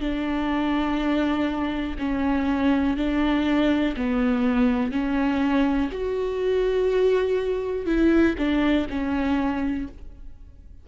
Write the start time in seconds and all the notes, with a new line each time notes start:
0.00 D4
1.98 C#4
2.96 D4
3.96 B3
4.91 C#4
5.92 F#4
7.86 E4
8.38 D4
8.89 C#4